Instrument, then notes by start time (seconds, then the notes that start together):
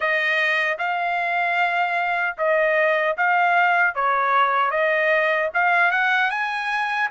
trumpet
0.00 D#5
0.78 F5
2.37 D#5
3.17 F5
3.94 C#5
4.70 D#5
5.53 F5
5.91 F#5
6.30 G#5